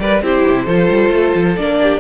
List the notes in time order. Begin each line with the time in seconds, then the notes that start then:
0.00 G3 A#4 B4 D5
0.22 C4 E4 G4 C5
0.49 C3
0.65 F3 F4 A4
0.90 G3
1.10 A3
1.35 F3
1.57 A#3 D4 D5
1.83 G4